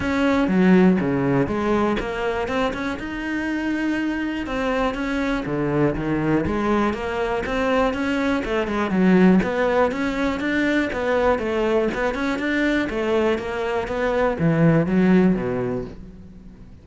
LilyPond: \new Staff \with { instrumentName = "cello" } { \time 4/4 \tempo 4 = 121 cis'4 fis4 cis4 gis4 | ais4 c'8 cis'8 dis'2~ | dis'4 c'4 cis'4 d4 | dis4 gis4 ais4 c'4 |
cis'4 a8 gis8 fis4 b4 | cis'4 d'4 b4 a4 | b8 cis'8 d'4 a4 ais4 | b4 e4 fis4 b,4 | }